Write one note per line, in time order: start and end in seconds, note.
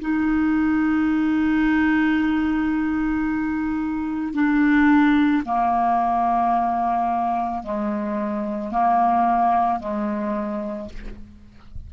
0.00 4.33 D#4
4.33 5.42 D4
5.44 7.63 A#3
7.63 8.71 G#3
8.71 9.79 A#3
9.79 10.88 G#3